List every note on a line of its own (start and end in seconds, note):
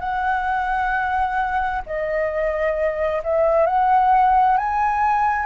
0.00 1.82 F#5
1.86 3.23 D#5
3.24 3.67 E5
3.67 4.57 F#5
4.57 5.46 G#5